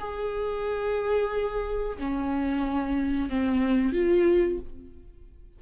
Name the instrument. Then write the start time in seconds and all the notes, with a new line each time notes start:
viola
0.00 G#4
1.98 C#4
3.29 C4
3.93 F4